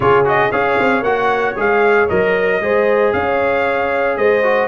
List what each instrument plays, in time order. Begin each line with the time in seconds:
0.00 tuba C#3, trombone F4, horn G#4, trumpet C#5
0.24 trombone F#4, trumpet D#5
0.51 tuba C#4, trombone G#4, horn C#5, trumpet F5
0.78 tuba C4
1.01 tuba A#3, trombone F#4, trumpet F#5
1.56 tuba G#3, trombone G#4, trumpet F5
2.08 tuba F#3, trombone A#4, trumpet D#5
2.60 tuba G#3, trombone G#4, horn C5
3.12 tuba C#4, horn C#5, trumpet F5
4.17 tuba G#3, horn C5, trumpet D#5
4.43 trombone F#4